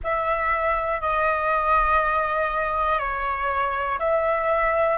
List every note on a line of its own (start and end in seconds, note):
0.03 1.00 E5
1.00 2.99 D#5
2.99 3.99 C#5
3.99 4.97 E5